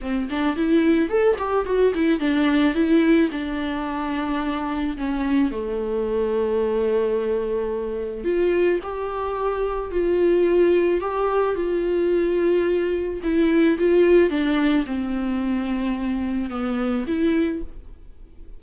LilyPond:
\new Staff \with { instrumentName = "viola" } { \time 4/4 \tempo 4 = 109 c'8 d'8 e'4 a'8 g'8 fis'8 e'8 | d'4 e'4 d'2~ | d'4 cis'4 a2~ | a2. f'4 |
g'2 f'2 | g'4 f'2. | e'4 f'4 d'4 c'4~ | c'2 b4 e'4 | }